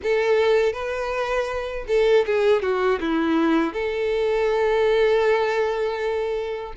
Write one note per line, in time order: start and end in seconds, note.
0.02 0.73 A4
0.73 1.85 B4
1.88 2.25 A4
2.25 2.61 G#4
2.61 2.99 F#4
3.00 3.73 E4
3.73 6.73 A4